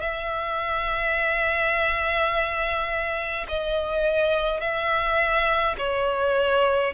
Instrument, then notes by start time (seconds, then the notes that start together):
violin
0.00 E5
3.48 D#5
4.60 E5
5.77 C#5